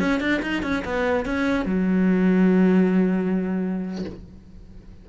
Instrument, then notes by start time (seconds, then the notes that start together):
cello
0.00 C#4
0.20 D4
0.42 D#4
0.63 C#4
0.85 B3
1.26 C#4
1.66 F#3